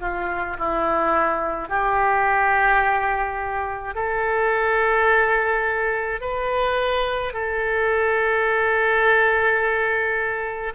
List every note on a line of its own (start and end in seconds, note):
0.00 0.57 F4
0.58 1.69 E4
1.69 3.94 G4
3.94 6.21 A4
6.21 7.33 B4
7.33 10.72 A4